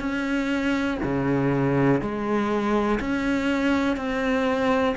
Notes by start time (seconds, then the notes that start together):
0.00 C#4
1.04 C#3
2.02 G#3
3.00 C#4
3.97 C4